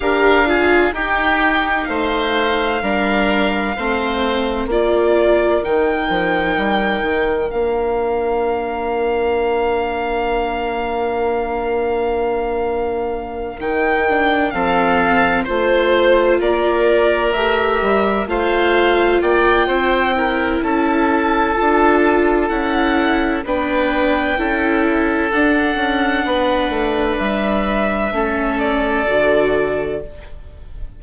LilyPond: <<
  \new Staff \with { instrumentName = "violin" } { \time 4/4 \tempo 4 = 64 f''4 g''4 f''2~ | f''4 d''4 g''2 | f''1~ | f''2~ f''8 g''4 f''8~ |
f''8 c''4 d''4 e''4 f''8~ | f''8 g''4. a''2 | fis''4 g''2 fis''4~ | fis''4 e''4. d''4. | }
  \new Staff \with { instrumentName = "oboe" } { \time 4/4 ais'8 gis'8 g'4 c''4 ais'4 | c''4 ais'2.~ | ais'1~ | ais'2.~ ais'8 a'8~ |
a'8 c''4 ais'2 c''8~ | c''8 d''8 c''8 ais'8 a'2~ | a'4 b'4 a'2 | b'2 a'2 | }
  \new Staff \with { instrumentName = "viola" } { \time 4/4 g'8 f'8 dis'2 d'4 | c'4 f'4 dis'2 | d'1~ | d'2~ d'8 dis'8 d'8 c'8~ |
c'8 f'2 g'4 f'8~ | f'4. e'4. f'4 | e'4 d'4 e'4 d'4~ | d'2 cis'4 fis'4 | }
  \new Staff \with { instrumentName = "bassoon" } { \time 4/4 d'4 dis'4 a4 g4 | a4 ais4 dis8 f8 g8 dis8 | ais1~ | ais2~ ais8 dis4 f8~ |
f8 a4 ais4 a8 g8 a8~ | a8 ais8 c'4 cis'4 d'4 | cis'4 b4 cis'4 d'8 cis'8 | b8 a8 g4 a4 d4 | }
>>